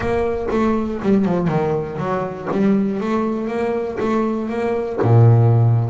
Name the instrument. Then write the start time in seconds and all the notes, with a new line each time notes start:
double bass
0.00 A#3
0.50 A3
1.02 G3
1.25 F3
1.47 D#3
1.98 F#3
2.51 G3
3.00 A3
3.47 A#3
4.00 A3
4.49 A#3
5.02 A#2